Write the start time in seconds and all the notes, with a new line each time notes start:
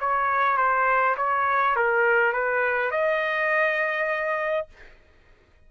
0.00 C#5
0.57 C5
1.17 C#5
1.75 A#4
2.33 B4
2.91 D#5